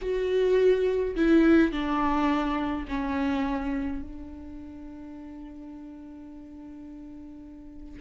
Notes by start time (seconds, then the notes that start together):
0.01 F#4
1.16 E4
1.72 D4
2.88 C#4
4.02 D4